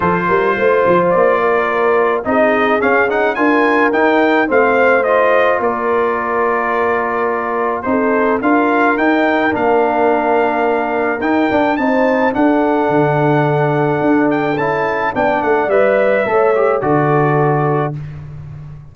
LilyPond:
<<
  \new Staff \with { instrumentName = "trumpet" } { \time 4/4 \tempo 4 = 107 c''2 d''2 | dis''4 f''8 fis''8 gis''4 g''4 | f''4 dis''4 d''2~ | d''2 c''4 f''4 |
g''4 f''2. | g''4 a''4 fis''2~ | fis''4. g''8 a''4 g''8 fis''8 | e''2 d''2 | }
  \new Staff \with { instrumentName = "horn" } { \time 4/4 a'8 ais'8 c''4. ais'4. | gis'2 ais'2 | c''2 ais'2~ | ais'2 a'4 ais'4~ |
ais'1~ | ais'4 c''4 a'2~ | a'2. d''4~ | d''4 cis''4 a'2 | }
  \new Staff \with { instrumentName = "trombone" } { \time 4/4 f'1 | dis'4 cis'8 dis'8 f'4 dis'4 | c'4 f'2.~ | f'2 dis'4 f'4 |
dis'4 d'2. | dis'8 d'8 dis'4 d'2~ | d'2 e'4 d'4 | b'4 a'8 g'8 fis'2 | }
  \new Staff \with { instrumentName = "tuba" } { \time 4/4 f8 g8 a8 f8 ais2 | c'4 cis'4 d'4 dis'4 | a2 ais2~ | ais2 c'4 d'4 |
dis'4 ais2. | dis'8 d'8 c'4 d'4 d4~ | d4 d'4 cis'4 b8 a8 | g4 a4 d2 | }
>>